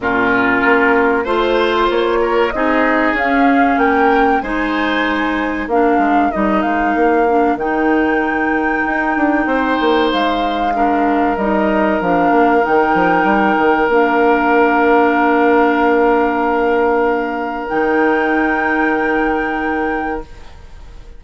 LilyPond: <<
  \new Staff \with { instrumentName = "flute" } { \time 4/4 \tempo 4 = 95 ais'2 c''4 cis''4 | dis''4 f''4 g''4 gis''4~ | gis''4 f''4 dis''8 f''4. | g''1 |
f''2 dis''4 f''4 | g''2 f''2~ | f''1 | g''1 | }
  \new Staff \with { instrumentName = "oboe" } { \time 4/4 f'2 c''4. ais'8 | gis'2 ais'4 c''4~ | c''4 ais'2.~ | ais'2. c''4~ |
c''4 ais'2.~ | ais'1~ | ais'1~ | ais'1 | }
  \new Staff \with { instrumentName = "clarinet" } { \time 4/4 cis'2 f'2 | dis'4 cis'2 dis'4~ | dis'4 d'4 dis'4. d'8 | dis'1~ |
dis'4 d'4 dis'4 d'4 | dis'2 d'2~ | d'1 | dis'1 | }
  \new Staff \with { instrumentName = "bassoon" } { \time 4/4 ais,4 ais4 a4 ais4 | c'4 cis'4 ais4 gis4~ | gis4 ais8 gis8 g8 gis8 ais4 | dis2 dis'8 d'8 c'8 ais8 |
gis2 g4 f8 ais8 | dis8 f8 g8 dis8 ais2~ | ais1 | dis1 | }
>>